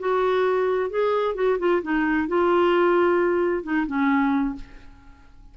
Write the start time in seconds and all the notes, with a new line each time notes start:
0.00 F#4
0.90 G#4
1.36 F#4
1.59 F4
1.83 D#4
2.28 F4
3.64 D#4
3.87 C#4